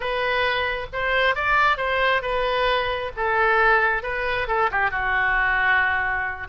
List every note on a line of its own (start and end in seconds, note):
0.00 0.86 B4
0.92 1.35 C5
1.35 1.77 D5
1.77 2.21 C5
2.21 3.11 B4
3.16 4.02 A4
4.02 4.47 B4
4.47 4.70 A4
4.71 4.90 G4
4.90 6.47 F#4